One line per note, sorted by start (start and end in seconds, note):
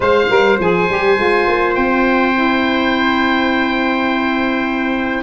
0.00 0.27 G#3
0.00 0.27 C5
0.00 5.22 C5
0.00 0.59 F5
0.29 0.58 G3
0.29 0.58 A#4
0.59 0.88 F3
0.59 0.88 G#4
0.59 1.75 G#5
0.88 1.17 G3
0.88 1.16 G4
1.16 1.46 G#3
1.16 2.33 F4
1.47 1.76 A#3
1.75 5.22 C4
1.75 5.22 G5
2.33 5.22 E4